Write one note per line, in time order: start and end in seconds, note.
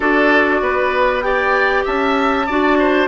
0.00 0.61 D4
0.00 1.22 F#4
0.00 0.61 A4
0.00 1.21 D5
0.61 1.84 B3
0.61 1.24 B4
1.21 2.46 G4
1.21 1.84 D5
1.21 1.83 G5
1.84 2.48 C#4
1.84 2.46 E5
1.84 3.07 A5
2.46 3.07 D4
2.46 3.07 F#4
2.46 2.77 D5
2.78 3.07 C5